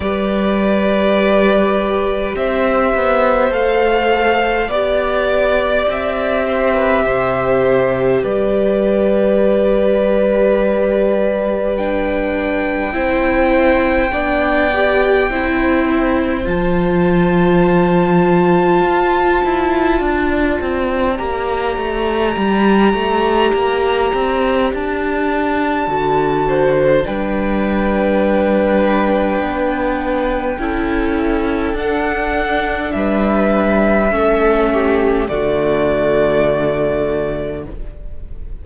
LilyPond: <<
  \new Staff \with { instrumentName = "violin" } { \time 4/4 \tempo 4 = 51 d''2 e''4 f''4 | d''4 e''2 d''4~ | d''2 g''2~ | g''2 a''2~ |
a''2 ais''2~ | ais''4 a''2 g''4~ | g''2. fis''4 | e''2 d''2 | }
  \new Staff \with { instrumentName = "violin" } { \time 4/4 b'2 c''2 | d''4. c''16 b'16 c''4 b'4~ | b'2. c''4 | d''4 c''2.~ |
c''4 d''2.~ | d''2~ d''8 c''8 b'4~ | b'2 a'2 | b'4 a'8 g'8 fis'2 | }
  \new Staff \with { instrumentName = "viola" } { \time 4/4 g'2. a'4 | g'1~ | g'2 d'4 e'4 | d'8 g'8 e'4 f'2~ |
f'2 g'2~ | g'2 fis'4 d'4~ | d'2 e'4 d'4~ | d'4 cis'4 a2 | }
  \new Staff \with { instrumentName = "cello" } { \time 4/4 g2 c'8 b8 a4 | b4 c'4 c4 g4~ | g2. c'4 | b4 c'4 f2 |
f'8 e'8 d'8 c'8 ais8 a8 g8 a8 | ais8 c'8 d'4 d4 g4~ | g4 b4 cis'4 d'4 | g4 a4 d2 | }
>>